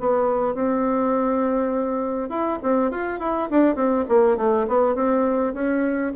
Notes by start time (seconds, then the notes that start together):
0.00 B3
0.55 C4
2.29 E4
2.63 C4
2.91 F4
3.20 E4
3.50 D4
3.75 C4
4.09 A#3
4.37 A3
4.68 B3
4.95 C4
5.54 C#4